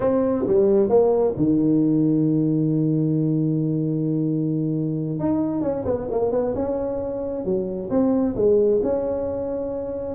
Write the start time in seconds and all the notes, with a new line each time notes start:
0.00 C4
0.47 G3
0.89 A#3
1.36 D#3
5.19 D#4
5.62 C#4
5.85 B3
6.10 A#3
6.31 B3
6.54 C#4
7.44 F#3
7.89 C4
8.35 G#3
8.83 C#4